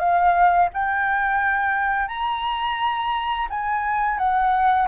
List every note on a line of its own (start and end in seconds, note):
0.00 0.70 F5
0.74 2.08 G5
2.08 3.48 A#5
3.50 4.19 G#5
4.19 4.88 F#5